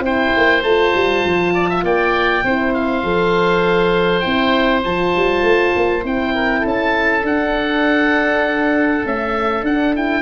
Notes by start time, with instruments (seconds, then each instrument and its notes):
0.00 tuba C4, horn E4, oboe C5 G5
0.37 tuba A#3
0.63 tuba A3, horn F4, oboe A5
0.95 tuba G3
1.26 tuba F3
1.54 oboe D5
1.69 oboe E5
1.83 tuba A#3, oboe D5 G5
2.44 tuba C4, horn E4, oboe C5
2.74 oboe F5
3.03 tuba F3, horn A4
4.20 tuba C4, horn E4, oboe G5
4.84 tuba F3, horn F4, oboe A5
5.16 tuba G3
5.43 tuba A3
5.76 tuba A#3
6.03 tuba C4, horn E4, oboe G5
6.35 oboe A#4
6.60 tuba C#4, oboe A4
6.68 oboe A5
7.23 tuba D4, horn D4, oboe F#5
9.05 horn A3, tuba C#4, oboe E5
9.63 tuba D4, horn D4, oboe F#5
9.95 horn E4, oboe G5